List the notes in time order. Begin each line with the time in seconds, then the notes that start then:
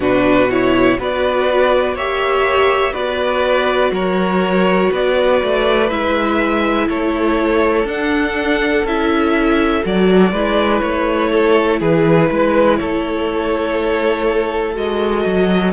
0.00 B2 D4 F#4 B4
0.50 E4 C#5
0.98 B3 F#4 B4 D5
1.94 A#3 G4 C#5 E5
2.92 B3 F#4 B4 D5
3.91 F#3 A#4 C#5
4.91 B3 B4 D5
5.42 A3
5.89 G#3 E4 E5
6.88 A3 A4 C#5
7.83 D4 F#5
8.83 C#4 E4 E5
9.83 F#3 F#4 D5
10.32 G#3 E4 B4
10.80 A3 C#5
11.31 A4
11.80 E3 G#4 B4
12.30 G#3 B4
12.76 A3 A4 C#5
14.74 G#3 F#4 D#5
15.25 F#3